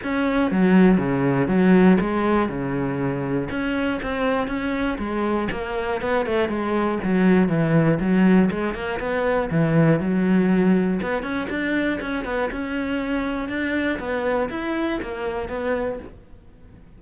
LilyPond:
\new Staff \with { instrumentName = "cello" } { \time 4/4 \tempo 4 = 120 cis'4 fis4 cis4 fis4 | gis4 cis2 cis'4 | c'4 cis'4 gis4 ais4 | b8 a8 gis4 fis4 e4 |
fis4 gis8 ais8 b4 e4 | fis2 b8 cis'8 d'4 | cis'8 b8 cis'2 d'4 | b4 e'4 ais4 b4 | }